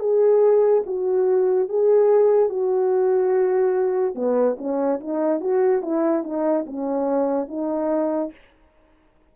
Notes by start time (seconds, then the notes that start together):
0.00 G#4
0.86 F#4
1.69 G#4
2.50 F#4
4.15 B3
4.58 C#4
5.00 D#4
5.41 F#4
5.82 E4
6.24 D#4
6.67 C#4
7.48 D#4